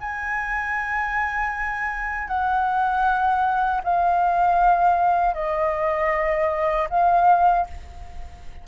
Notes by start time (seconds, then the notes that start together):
0.00 G#5
2.28 F#5
3.84 F5
5.34 D#5
6.90 F5